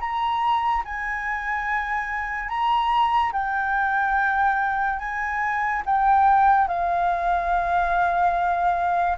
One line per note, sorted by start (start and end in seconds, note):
0.00 0.83 A#5
0.84 2.48 G#5
2.48 3.32 A#5
3.33 4.99 G5
4.99 5.82 G#5
5.86 6.67 G5
6.67 9.17 F5